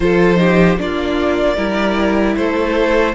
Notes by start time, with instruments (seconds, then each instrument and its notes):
0.00 cello F3, viola F4, violin A4 C5
0.36 viola D#4, violin G4
0.77 cello A#3, viola D4, violin F4 D5
1.56 cello G3, viola E4, violin A#4
2.36 cello A3, violin A4 C5